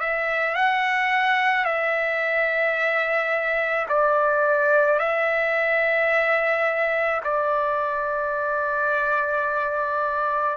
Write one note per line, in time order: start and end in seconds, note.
0.00 0.55 E5
0.55 1.65 F#5
1.65 3.87 E5
3.89 4.99 D5
4.99 7.21 E5
7.24 10.57 D5